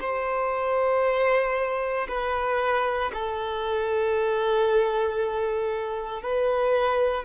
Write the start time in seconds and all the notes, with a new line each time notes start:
0.00 C5
2.08 B4
3.13 A4
6.22 B4